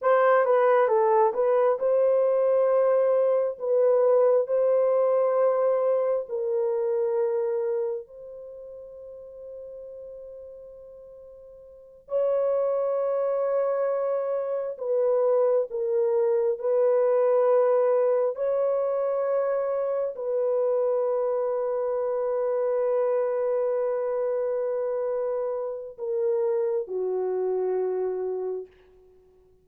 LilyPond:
\new Staff \with { instrumentName = "horn" } { \time 4/4 \tempo 4 = 67 c''8 b'8 a'8 b'8 c''2 | b'4 c''2 ais'4~ | ais'4 c''2.~ | c''4. cis''2~ cis''8~ |
cis''8 b'4 ais'4 b'4.~ | b'8 cis''2 b'4.~ | b'1~ | b'4 ais'4 fis'2 | }